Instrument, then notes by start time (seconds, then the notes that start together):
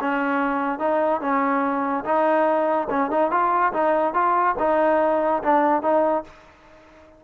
trombone
0.00 C#4
0.79 D#4
1.20 C#4
2.04 D#4
2.89 C#4
3.10 D#4
3.31 F4
3.73 D#4
4.13 F4
4.59 D#4
5.42 D4
5.82 D#4